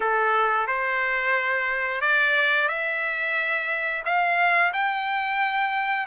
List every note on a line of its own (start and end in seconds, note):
0.00 0.67 A4
0.67 2.01 C5
2.01 2.68 D5
2.68 4.03 E5
4.04 4.72 F5
4.73 6.06 G5